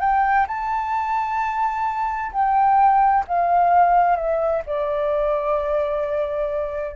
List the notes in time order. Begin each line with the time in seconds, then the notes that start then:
0.00 G5
0.47 A5
2.32 G5
3.28 F5
4.16 E5
4.66 D5